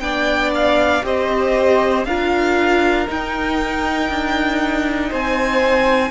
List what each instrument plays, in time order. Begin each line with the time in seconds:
0.00 cello B3, viola D4, violin D5 G5
0.54 violin F5
1.02 cello C4, viola G4, violin C5 D#5
2.05 cello D4, viola F4, violin A#4 F5
3.07 viola D#4, cello D#4, violin G5
4.09 cello D4
5.09 cello C4, violin C5 G#5